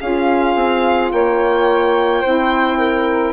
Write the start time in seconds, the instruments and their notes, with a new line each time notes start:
0.00 bassoon C#4, saxophone F4, flute G#4, violin F5
0.55 bassoon C4
1.12 bassoon A#3, flute C#5, violin G5
2.21 bassoon C4, saxophone E4, flute C5
2.78 flute A#4